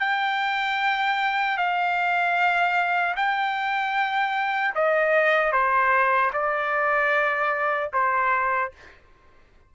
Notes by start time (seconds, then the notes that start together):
0.00 G5
1.57 F5
3.17 G5
4.75 D#5
5.52 C5
6.33 D5
7.93 C5